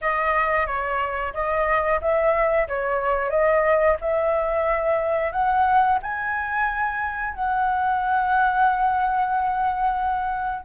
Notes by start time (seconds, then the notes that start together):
0.01 D#5
0.66 C#5
1.33 D#5
2.01 E5
2.68 C#5
3.30 D#5
4.01 E5
5.32 F#5
6.02 G#5
7.34 F#5